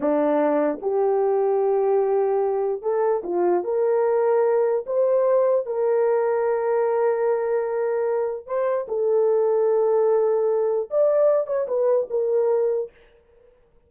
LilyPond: \new Staff \with { instrumentName = "horn" } { \time 4/4 \tempo 4 = 149 d'2 g'2~ | g'2. a'4 | f'4 ais'2. | c''2 ais'2~ |
ais'1~ | ais'4 c''4 a'2~ | a'2. d''4~ | d''8 cis''8 b'4 ais'2 | }